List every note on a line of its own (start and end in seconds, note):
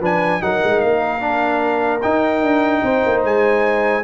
0.00 0.40 F3
0.00 0.41 D4
0.00 0.41 B4
0.00 0.42 G#5
0.41 0.61 F#3
0.41 1.20 D#4
0.41 2.83 A#4
0.41 0.80 F#5
0.64 0.83 G#3
0.80 2.03 A#3
0.80 2.00 F5
1.20 2.00 D4
2.01 4.03 D#4
2.01 2.42 D#4
2.01 3.21 G5
2.42 2.82 D4
2.82 3.02 C4
2.82 4.03 C5
3.05 3.24 A#3
3.24 4.03 G#3
3.24 4.03 G#5